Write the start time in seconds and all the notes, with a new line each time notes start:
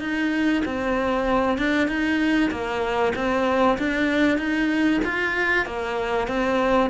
0.00 D#4
0.65 C4
1.58 D4
1.88 D#4
2.51 A#3
3.16 C4
3.78 D4
4.38 D#4
5.05 F4
5.66 A#3
6.28 C4